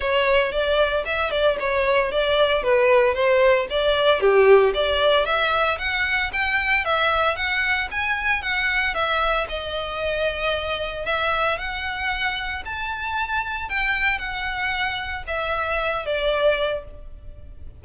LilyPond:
\new Staff \with { instrumentName = "violin" } { \time 4/4 \tempo 4 = 114 cis''4 d''4 e''8 d''8 cis''4 | d''4 b'4 c''4 d''4 | g'4 d''4 e''4 fis''4 | g''4 e''4 fis''4 gis''4 |
fis''4 e''4 dis''2~ | dis''4 e''4 fis''2 | a''2 g''4 fis''4~ | fis''4 e''4. d''4. | }